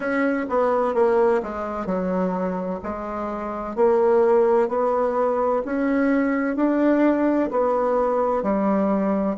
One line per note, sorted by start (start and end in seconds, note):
0.00 0.46 C#4
0.49 0.94 B3
0.94 1.41 A#3
1.42 1.86 G#3
1.86 2.80 F#3
2.83 3.75 G#3
3.75 4.68 A#3
4.68 5.62 B3
5.65 6.55 C#4
6.55 7.49 D4
7.50 8.42 B3
8.42 9.36 G3